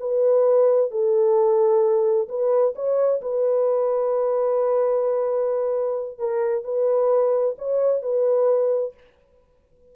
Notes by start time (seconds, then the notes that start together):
0.00 B4
0.91 A4
2.29 B4
2.75 C#5
3.21 B4
6.19 A#4
6.64 B4
7.58 C#5
8.02 B4